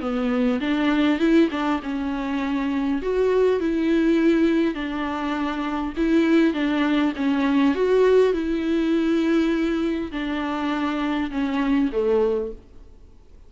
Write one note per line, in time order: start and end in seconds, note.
0.00 0.59 B3
0.60 1.19 D4
1.19 1.49 E4
1.50 1.80 D4
1.83 3.02 C#4
3.02 3.60 F#4
3.60 4.74 E4
4.74 5.93 D4
5.96 6.53 E4
6.53 7.13 D4
7.16 7.75 C#4
7.75 8.33 F#4
8.33 10.11 E4
10.12 11.30 D4
11.31 11.90 C#4
11.92 12.52 A3